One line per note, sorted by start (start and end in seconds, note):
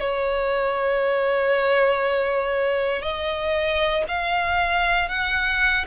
0.00 3.02 C#5
3.02 4.04 D#5
4.08 5.09 F5
5.09 5.85 F#5